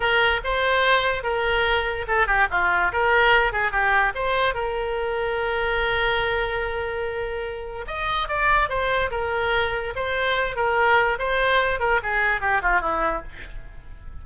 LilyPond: \new Staff \with { instrumentName = "oboe" } { \time 4/4 \tempo 4 = 145 ais'4 c''2 ais'4~ | ais'4 a'8 g'8 f'4 ais'4~ | ais'8 gis'8 g'4 c''4 ais'4~ | ais'1~ |
ais'2. dis''4 | d''4 c''4 ais'2 | c''4. ais'4. c''4~ | c''8 ais'8 gis'4 g'8 f'8 e'4 | }